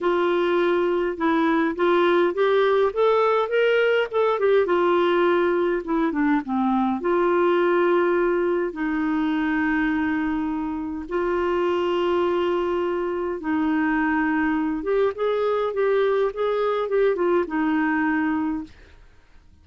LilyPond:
\new Staff \with { instrumentName = "clarinet" } { \time 4/4 \tempo 4 = 103 f'2 e'4 f'4 | g'4 a'4 ais'4 a'8 g'8 | f'2 e'8 d'8 c'4 | f'2. dis'4~ |
dis'2. f'4~ | f'2. dis'4~ | dis'4. g'8 gis'4 g'4 | gis'4 g'8 f'8 dis'2 | }